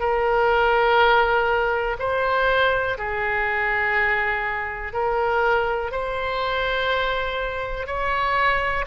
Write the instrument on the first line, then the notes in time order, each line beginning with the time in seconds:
oboe
0.00 A#4
1.99 C5
2.98 G#4
4.93 A#4
5.92 C5
7.87 C#5